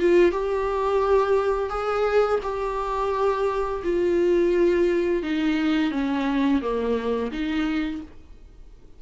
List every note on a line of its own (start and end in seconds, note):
0.00 0.32 F4
0.32 1.70 G4
1.70 2.40 G#4
2.43 3.83 G4
3.84 5.23 F4
5.23 5.92 D#4
5.92 6.62 C#4
6.62 7.32 A#3
7.32 8.02 D#4